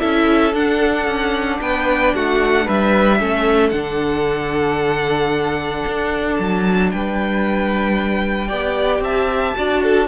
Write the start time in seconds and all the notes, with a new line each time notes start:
0.00 C#4 E4 A4 E5
0.54 D4 F#5
1.07 C#4
1.61 B3 B4 G5
2.15 A3 F#4 F#5
2.65 G3 B4 E5
3.20 A3 C#4 A4
3.70 D3 D4 F#5
5.87 D4
6.37 F#3 A5
6.91 G3 B4 G5
8.48 B3 G4 D5
9.00 C4 E5 A5
9.56 D4 F#4 D5
9.83 A4